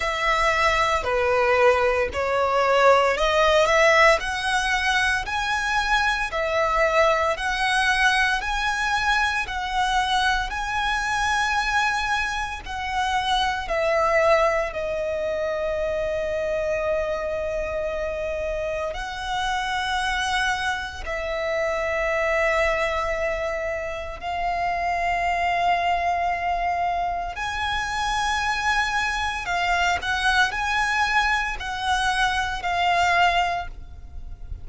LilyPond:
\new Staff \with { instrumentName = "violin" } { \time 4/4 \tempo 4 = 57 e''4 b'4 cis''4 dis''8 e''8 | fis''4 gis''4 e''4 fis''4 | gis''4 fis''4 gis''2 | fis''4 e''4 dis''2~ |
dis''2 fis''2 | e''2. f''4~ | f''2 gis''2 | f''8 fis''8 gis''4 fis''4 f''4 | }